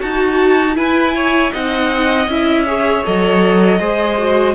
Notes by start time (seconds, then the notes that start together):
0.00 D#4 F#4 A5
0.75 E4 B4 G#5
1.16 C#5
1.50 C4 D#4 D#5 F#5
2.28 C#4 E4 E5
2.66 G#4 C#5
3.05 F#3 A4 D#5
3.79 G#3 G#4 C5
4.18 F#4